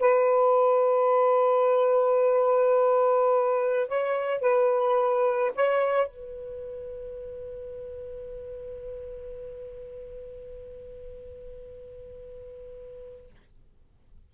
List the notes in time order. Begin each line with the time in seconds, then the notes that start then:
0.00 B4
3.88 C#5
4.41 B4
5.56 C#5
6.08 B4